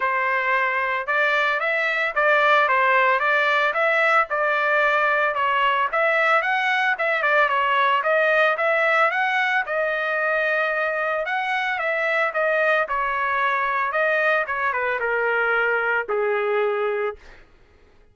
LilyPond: \new Staff \with { instrumentName = "trumpet" } { \time 4/4 \tempo 4 = 112 c''2 d''4 e''4 | d''4 c''4 d''4 e''4 | d''2 cis''4 e''4 | fis''4 e''8 d''8 cis''4 dis''4 |
e''4 fis''4 dis''2~ | dis''4 fis''4 e''4 dis''4 | cis''2 dis''4 cis''8 b'8 | ais'2 gis'2 | }